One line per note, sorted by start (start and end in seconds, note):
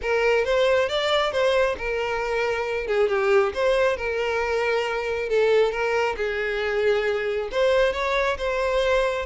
0.02 0.45 A#4
0.45 0.88 C5
0.88 1.32 D5
1.32 1.76 C5
1.77 2.87 A#4
2.87 3.08 G#4
3.08 3.52 G4
3.54 3.97 C5
3.97 5.29 A#4
5.29 5.71 A4
5.71 6.15 A#4
6.16 7.49 G#4
7.51 7.93 C5
7.93 8.37 C#5
8.37 9.25 C5